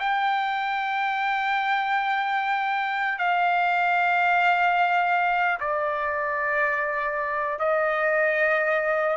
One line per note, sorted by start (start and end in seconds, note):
0.00 3.19 G5
3.19 5.59 F5
5.60 7.60 D5
7.60 9.17 D#5